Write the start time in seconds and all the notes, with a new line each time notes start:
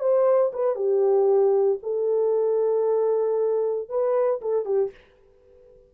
0.00 C5
0.53 B4
0.75 G4
1.83 A4
3.89 B4
4.42 A4
4.65 G4